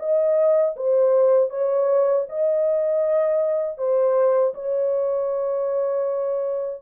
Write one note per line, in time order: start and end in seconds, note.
0.00 0.76 D#5
0.77 1.50 C5
1.50 2.26 C#5
2.29 3.78 D#5
3.78 4.54 C5
4.55 6.83 C#5